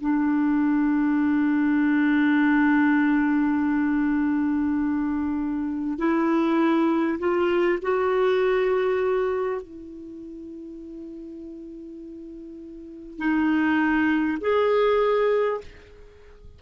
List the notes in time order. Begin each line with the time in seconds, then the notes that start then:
0.00 D4
5.98 E4
7.18 F4
7.82 F#4
9.61 E4
13.17 D#4
14.41 G#4